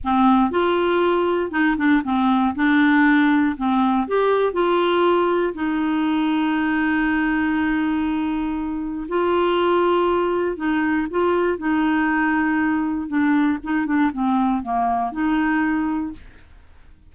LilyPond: \new Staff \with { instrumentName = "clarinet" } { \time 4/4 \tempo 4 = 119 c'4 f'2 dis'8 d'8 | c'4 d'2 c'4 | g'4 f'2 dis'4~ | dis'1~ |
dis'2 f'2~ | f'4 dis'4 f'4 dis'4~ | dis'2 d'4 dis'8 d'8 | c'4 ais4 dis'2 | }